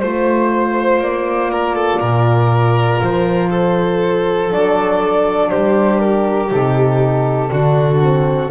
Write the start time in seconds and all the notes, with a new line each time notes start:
0.00 A3 F4 C5
1.01 A#3 D5
1.51 A#4
1.76 A4
2.00 A#2 A#4
3.02 F3 C5
3.50 A4
4.51 F#3 D4 D5
5.51 G3 G4 C5
6.00 A#4
6.50 C3 D#4 A4
7.49 D3 D4 F#4
8.03 C4